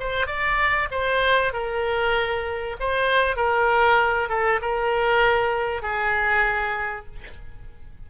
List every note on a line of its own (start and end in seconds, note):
0.00 0.27 C5
0.27 0.89 D5
0.91 1.53 C5
1.53 2.77 A#4
2.80 3.37 C5
3.37 4.29 A#4
4.29 4.60 A4
4.62 5.83 A#4
5.83 7.06 G#4